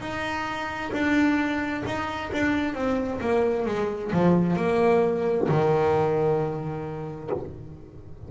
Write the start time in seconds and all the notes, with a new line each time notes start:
0.00 D#4
0.92 D4
1.86 D#4
2.33 D4
2.74 C4
3.21 A#3
3.66 G#3
4.12 F3
4.57 A#3
5.48 D#3